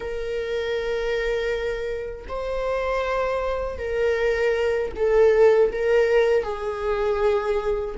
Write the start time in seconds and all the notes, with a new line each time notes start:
0.00 A#4
2.28 C5
3.78 A#4
4.95 A4
5.72 A#4
6.43 G#4